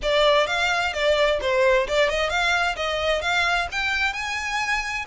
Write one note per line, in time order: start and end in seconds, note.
0.02 0.47 D5
0.47 0.93 F5
0.93 1.39 D5
1.41 1.87 C5
1.87 2.09 D5
2.09 2.29 D#5
2.29 2.75 F5
2.76 3.21 D#5
3.21 3.67 F5
3.71 4.13 G5
4.13 5.05 G#5